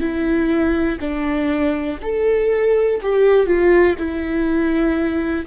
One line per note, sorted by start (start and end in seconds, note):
0.00 0.98 E4
1.00 1.99 D4
2.03 3.01 A4
3.03 3.46 G4
3.46 3.96 F4
3.98 5.46 E4